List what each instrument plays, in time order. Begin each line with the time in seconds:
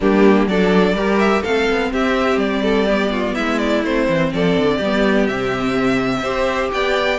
0.00 cello G3, viola A#3, violin D4 G4
0.46 cello F#3, viola D4, violin A4 D5
0.94 cello G3, viola G4, violin A#4
1.19 violin E5
1.42 cello A3, viola C4, violin A4 F5
1.70 cello B3
1.92 cello C4, violin G4 E5
2.36 cello G3, violin D5
2.62 violin A4
2.86 viola B3, violin G4
3.11 violin F4
3.34 cello G#3, violin E4 E5
3.58 violin D5
3.83 cello A3, viola C4, violin C5
4.08 cello E3
4.33 cello F3, violin A4 D5
4.57 cello D3
4.76 cello G3, violin G4
4.83 viola B3
5.26 cello C3, viola C4, violin E5
6.22 cello C4, viola G4, violin C5
6.72 cello B3, violin D5 G5